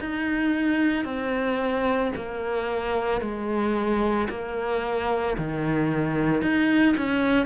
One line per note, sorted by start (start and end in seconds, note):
0.00 1.04 D#4
1.04 2.11 C4
2.16 3.21 A#3
3.21 4.28 G#3
4.30 5.37 A#3
5.38 6.42 D#3
6.42 6.95 D#4
6.97 7.46 C#4